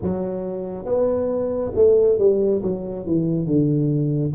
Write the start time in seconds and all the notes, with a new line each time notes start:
0.02 F#3
0.85 B3
1.74 A3
2.18 G3
2.62 F#3
3.06 E3
3.46 D3